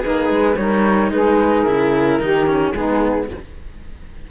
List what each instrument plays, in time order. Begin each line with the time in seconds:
0.00 cello A#3 G#4, saxophone D#4, flute B4
0.29 cello G#3
0.57 cello G3 D#4, saxophone A#4, flute C#5
1.11 cello G#3, saxophone G#4, flute B4
1.62 cello C#3 E4, flute A#4
2.20 cello D#3 D#4, saxophone G4
2.47 cello C#4
2.73 cello G#3 B3, saxophone D#4, flute G#4